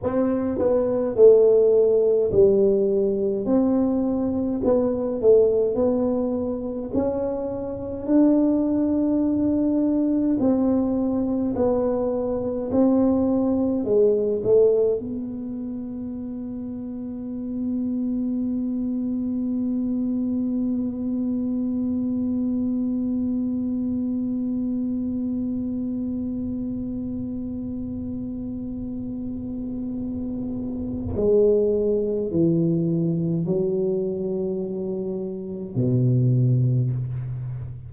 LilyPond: \new Staff \with { instrumentName = "tuba" } { \time 4/4 \tempo 4 = 52 c'8 b8 a4 g4 c'4 | b8 a8 b4 cis'4 d'4~ | d'4 c'4 b4 c'4 | gis8 a8 b2.~ |
b1~ | b1~ | b2. gis4 | e4 fis2 b,4 | }